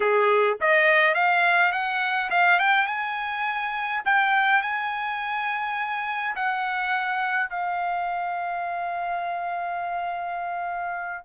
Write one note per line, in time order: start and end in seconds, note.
0.00 0.58 G#4
0.60 1.14 D#5
1.14 1.72 F5
1.72 2.29 F#5
2.30 2.59 F5
2.59 2.86 G5
2.86 4.02 G#5
4.05 4.62 G5
4.62 6.35 G#5
6.35 7.49 F#5
7.49 11.24 F5